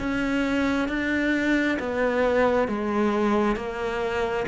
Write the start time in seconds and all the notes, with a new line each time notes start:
0.00 C#4
0.89 D4
1.80 B3
2.68 G#3
3.56 A#3